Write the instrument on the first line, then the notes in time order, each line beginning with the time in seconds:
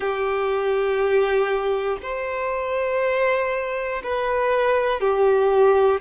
violin
0.00 G4
2.02 C5
4.03 B4
5.00 G4